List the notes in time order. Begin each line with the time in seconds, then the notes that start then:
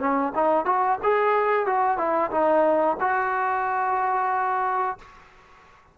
0.00 C#4
0.35 D#4
0.66 F#4
1.03 G#4
1.67 F#4
1.98 E4
2.32 D#4
3.01 F#4